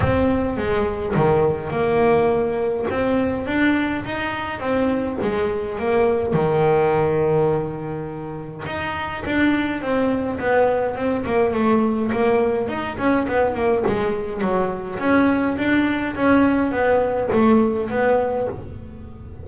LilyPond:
\new Staff \with { instrumentName = "double bass" } { \time 4/4 \tempo 4 = 104 c'4 gis4 dis4 ais4~ | ais4 c'4 d'4 dis'4 | c'4 gis4 ais4 dis4~ | dis2. dis'4 |
d'4 c'4 b4 c'8 ais8 | a4 ais4 dis'8 cis'8 b8 ais8 | gis4 fis4 cis'4 d'4 | cis'4 b4 a4 b4 | }